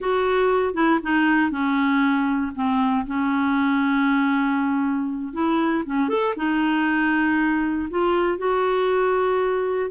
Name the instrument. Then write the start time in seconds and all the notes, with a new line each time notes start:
clarinet
0.00 F#4
0.74 E4
1.02 D#4
1.50 C#4
2.55 C4
3.06 C#4
5.33 E4
5.85 C#4
6.09 A4
6.36 D#4
7.89 F4
8.38 F#4